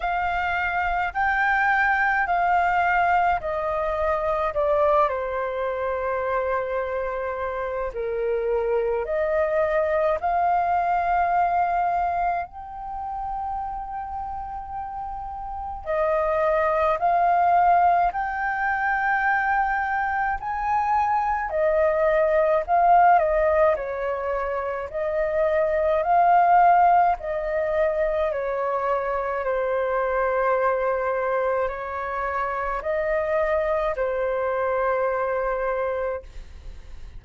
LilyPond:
\new Staff \with { instrumentName = "flute" } { \time 4/4 \tempo 4 = 53 f''4 g''4 f''4 dis''4 | d''8 c''2~ c''8 ais'4 | dis''4 f''2 g''4~ | g''2 dis''4 f''4 |
g''2 gis''4 dis''4 | f''8 dis''8 cis''4 dis''4 f''4 | dis''4 cis''4 c''2 | cis''4 dis''4 c''2 | }